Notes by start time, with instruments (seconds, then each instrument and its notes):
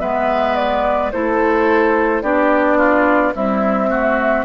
0.00 bassoon G#3, clarinet B3, oboe B4, flute E5
0.56 flute D5
1.12 bassoon A3, clarinet E4, oboe A4, flute C5
2.22 bassoon B3, clarinet D4, oboe G4, flute D5
2.78 oboe F4
3.34 clarinet G3, bassoon C4, oboe E4, flute E5
3.89 clarinet A3, oboe F#4